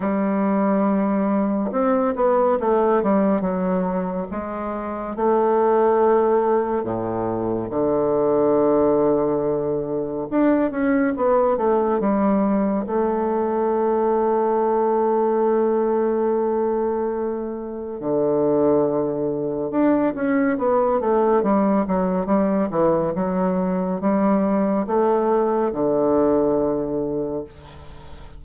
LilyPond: \new Staff \with { instrumentName = "bassoon" } { \time 4/4 \tempo 4 = 70 g2 c'8 b8 a8 g8 | fis4 gis4 a2 | a,4 d2. | d'8 cis'8 b8 a8 g4 a4~ |
a1~ | a4 d2 d'8 cis'8 | b8 a8 g8 fis8 g8 e8 fis4 | g4 a4 d2 | }